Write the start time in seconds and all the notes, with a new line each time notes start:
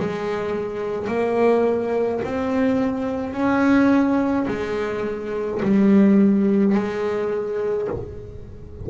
0.00 G#3
1.08 A#3
2.24 C4
3.33 C#4
4.48 G#3
5.63 G3
6.75 G#3